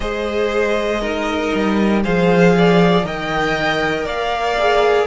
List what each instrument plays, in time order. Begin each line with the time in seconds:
0.00 cello G#3, viola G#4, violin C5 D#5
1.00 viola D#4, violin A#4
1.54 cello G3
2.03 cello F3, viola G#4, violin C5 F5
2.58 violin D5
3.03 cello D#3, viola A#4, violin D#5 G5
4.04 cello A#3, violin D5 F5
4.59 viola G#4